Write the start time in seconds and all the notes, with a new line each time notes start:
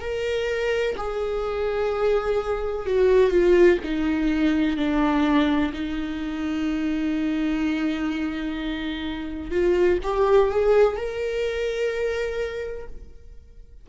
0.00 A#4
0.97 G#4
2.86 F#4
3.30 F4
3.83 D#4
4.77 D4
5.73 D#4
9.51 F4
10.03 G4
10.50 G#4
10.96 A#4